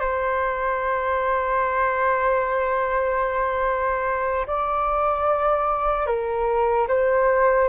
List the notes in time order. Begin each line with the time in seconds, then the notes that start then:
0.00 C5
4.47 D5
6.07 A#4
6.88 C5